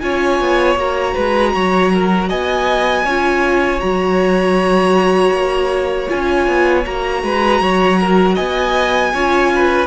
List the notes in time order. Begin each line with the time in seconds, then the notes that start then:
0.00 C#4 F4 C#5 G#5
0.41 B3
0.76 A#3 F#4 A#5
1.14 G#3 B4
1.55 F#3 C#5
1.94 A#4
2.29 B3 D#5 G#5
3.05 C#4 F4 C#5
3.80 F#3 F#4 A#5
5.31 A#3
6.09 C#4 F4 G#5
6.48 B3
6.86 A#3 F#4 A#5
7.23 G#3 B4
7.61 F#3 C#5
8.01 A#4
8.35 B3 D#5 G#5
9.14 C#4 F4 C#5
9.55 B4